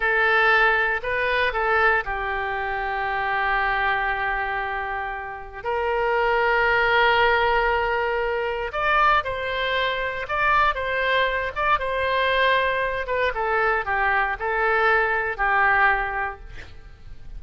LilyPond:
\new Staff \with { instrumentName = "oboe" } { \time 4/4 \tempo 4 = 117 a'2 b'4 a'4 | g'1~ | g'2. ais'4~ | ais'1~ |
ais'4 d''4 c''2 | d''4 c''4. d''8 c''4~ | c''4. b'8 a'4 g'4 | a'2 g'2 | }